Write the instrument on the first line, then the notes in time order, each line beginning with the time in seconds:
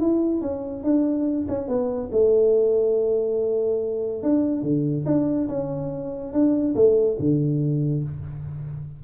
tuba
0.00 E4
0.41 C#4
0.83 D4
1.48 C#4
1.68 B3
2.12 A3
4.23 D4
4.62 D3
5.06 D4
5.49 C#4
6.33 D4
6.75 A3
7.19 D3